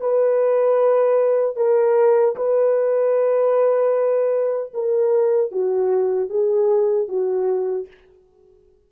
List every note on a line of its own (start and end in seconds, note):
0.00 1.56 B4
1.56 2.35 A#4
2.35 4.72 B4
4.73 5.51 A#4
5.51 6.29 F#4
6.29 7.08 G#4
7.08 7.87 F#4